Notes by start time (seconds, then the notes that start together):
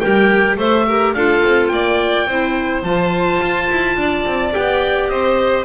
0.00 G3 G4 A#4 G5
0.57 A3 A4 C5 E5
0.87 G4 A#4
1.14 D4 F4 A4 F5
1.44 C4
1.68 A#3 D5 G5
2.27 C4 E4 C5
2.83 F3 F4 A5
3.41 F4
3.70 E4
3.97 D4 D5
4.26 C4
4.52 B3 G4 G5
5.09 C4 C5 D#5